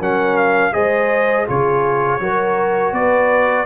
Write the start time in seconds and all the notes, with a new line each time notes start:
0.00 F#3 C#4 A#4 F#5
0.37 F5
0.73 G#3 G#4 C5 D#5
1.47 C#3 F4 G#4 C#5
2.21 F#3 F#4 A#4
2.93 B3 B4 D5